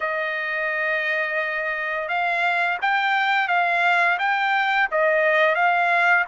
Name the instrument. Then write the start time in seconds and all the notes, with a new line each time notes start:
trumpet
0.00 D#5
2.08 F5
2.81 G5
3.48 F5
4.18 G5
4.91 D#5
5.55 F5